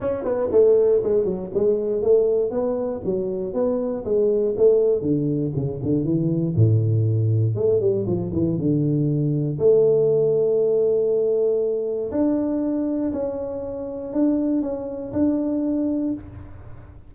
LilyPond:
\new Staff \with { instrumentName = "tuba" } { \time 4/4 \tempo 4 = 119 cis'8 b8 a4 gis8 fis8 gis4 | a4 b4 fis4 b4 | gis4 a4 d4 cis8 d8 | e4 a,2 a8 g8 |
f8 e8 d2 a4~ | a1 | d'2 cis'2 | d'4 cis'4 d'2 | }